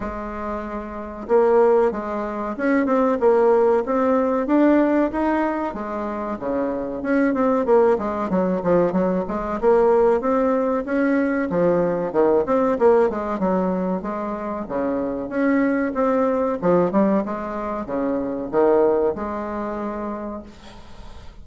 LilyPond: \new Staff \with { instrumentName = "bassoon" } { \time 4/4 \tempo 4 = 94 gis2 ais4 gis4 | cis'8 c'8 ais4 c'4 d'4 | dis'4 gis4 cis4 cis'8 c'8 | ais8 gis8 fis8 f8 fis8 gis8 ais4 |
c'4 cis'4 f4 dis8 c'8 | ais8 gis8 fis4 gis4 cis4 | cis'4 c'4 f8 g8 gis4 | cis4 dis4 gis2 | }